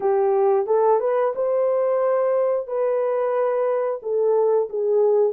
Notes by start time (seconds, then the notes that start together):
0.00 G4
0.66 A4
1.00 B4
1.35 C5
2.67 B4
4.02 A4
4.69 G#4